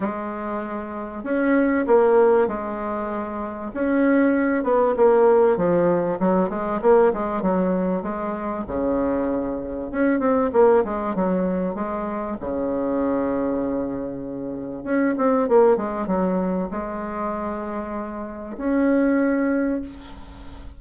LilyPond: \new Staff \with { instrumentName = "bassoon" } { \time 4/4 \tempo 4 = 97 gis2 cis'4 ais4 | gis2 cis'4. b8 | ais4 f4 fis8 gis8 ais8 gis8 | fis4 gis4 cis2 |
cis'8 c'8 ais8 gis8 fis4 gis4 | cis1 | cis'8 c'8 ais8 gis8 fis4 gis4~ | gis2 cis'2 | }